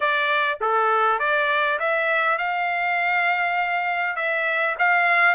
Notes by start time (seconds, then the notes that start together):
0.00 D5
0.60 A4
1.19 D5
1.79 E5
2.38 F5
4.16 E5
4.78 F5